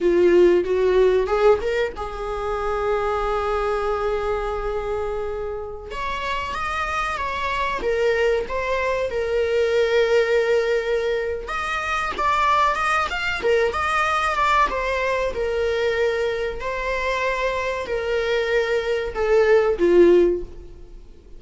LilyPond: \new Staff \with { instrumentName = "viola" } { \time 4/4 \tempo 4 = 94 f'4 fis'4 gis'8 ais'8 gis'4~ | gis'1~ | gis'4~ gis'16 cis''4 dis''4 cis''8.~ | cis''16 ais'4 c''4 ais'4.~ ais'16~ |
ais'2 dis''4 d''4 | dis''8 f''8 ais'8 dis''4 d''8 c''4 | ais'2 c''2 | ais'2 a'4 f'4 | }